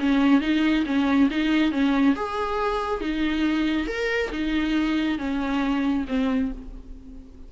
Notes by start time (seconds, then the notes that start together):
0.00 C#4
0.42 D#4
0.86 C#4
1.31 D#4
1.72 C#4
2.16 G#4
3.01 D#4
3.88 A#4
4.32 D#4
5.19 C#4
6.09 C4